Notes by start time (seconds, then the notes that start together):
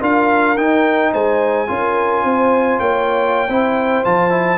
0.00 D4 F4 A#4 F5
0.57 D#4 G5
1.11 G#3 C5 G#5
1.67 C#4 F4 A#4
2.23 C4 C5
2.79 A#3 C#5 G5
3.48 C4 E4 C5
4.04 F3 F4 A5
4.30 E4